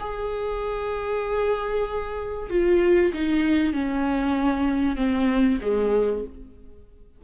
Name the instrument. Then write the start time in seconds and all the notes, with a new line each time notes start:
viola
0.00 G#4
2.50 F4
3.13 D#4
3.73 C#4
4.96 C4
5.61 G#3